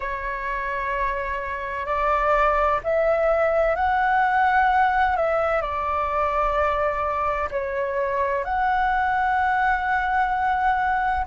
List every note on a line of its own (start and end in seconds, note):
0.00 1.86 C#5
1.86 2.80 D5
2.83 3.75 E5
3.75 5.16 F#5
5.16 5.61 E5
5.61 7.49 D5
7.50 8.44 C#5
8.44 11.25 F#5